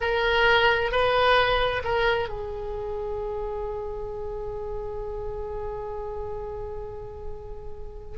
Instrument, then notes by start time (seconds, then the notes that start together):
oboe
0.00 A#4
0.91 B4
1.84 A#4
2.29 G#4